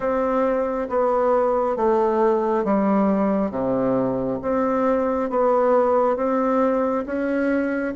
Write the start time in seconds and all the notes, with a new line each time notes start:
0.00 C4
0.89 B3
1.76 A3
2.64 G3
3.51 C3
4.42 C4
5.29 B3
6.16 C4
7.06 C#4